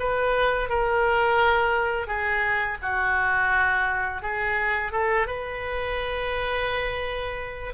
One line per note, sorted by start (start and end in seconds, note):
0.00 0.70 B4
0.70 2.08 A#4
2.08 2.78 G#4
2.83 4.23 F#4
4.23 4.93 G#4
4.93 5.27 A4
5.27 7.74 B4